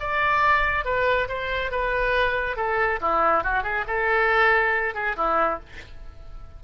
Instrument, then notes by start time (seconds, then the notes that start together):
oboe
0.00 D5
0.85 B4
1.28 C5
1.71 B4
2.56 A4
3.01 E4
3.43 F#4
3.63 G#4
3.87 A4
4.94 G#4
5.16 E4